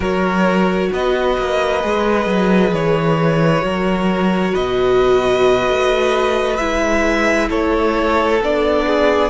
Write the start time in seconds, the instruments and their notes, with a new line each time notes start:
0.00 cello F#3, viola F#4, violin A#4 C#5
0.92 cello B3, violin B4 D#5
1.38 cello A#3
1.80 cello G#3, viola G#4
2.26 cello F#3
2.72 cello E3, violin C#5
3.60 cello F#3, viola F#4, violin A#4
4.52 cello B2, violin B4 D#5
5.68 cello A3
6.57 cello G#3, viola E4, violin E5
7.49 cello A3, violin A4 C#5
8.41 cello B3, viola D4, violin D5
8.86 violin G#4